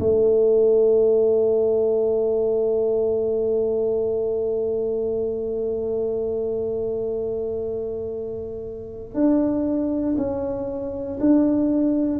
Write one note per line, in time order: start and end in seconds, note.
0.00 9.15 A3
9.15 10.16 D4
10.17 11.19 C#4
11.21 12.20 D4